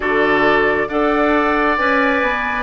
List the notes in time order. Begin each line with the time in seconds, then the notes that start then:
0.00 D3 F#4 A4 D5
0.88 D4 A4 D5 F#5
1.77 C#4 B4 G#5
2.22 B3